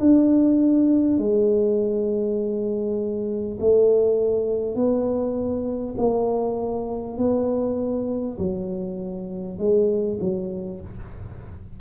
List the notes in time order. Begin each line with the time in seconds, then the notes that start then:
0.00 D4
1.18 G#3
3.61 A3
4.76 B3
5.98 A#3
7.18 B3
8.39 F#3
9.59 G#3
10.21 F#3